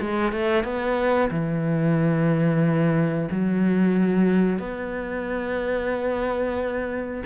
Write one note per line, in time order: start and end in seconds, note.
0.00 0.32 G#3
0.32 0.64 A3
0.64 1.29 B3
1.30 3.28 E3
3.31 4.59 F#3
4.59 7.23 B3